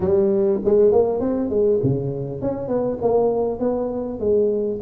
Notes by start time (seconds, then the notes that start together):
0.00 G3
0.64 G#3
0.92 A#3
1.19 C4
1.49 G#3
1.83 C#3
2.41 C#4
2.68 B3
3.01 A#3
3.59 B3
4.19 G#3